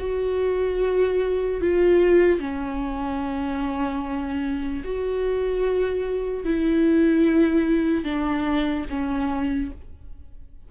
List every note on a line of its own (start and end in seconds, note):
0.00 1.61 F#4
1.61 2.40 F4
2.40 4.83 C#4
4.85 6.45 F#4
6.45 8.05 E4
8.05 8.86 D4
8.90 9.71 C#4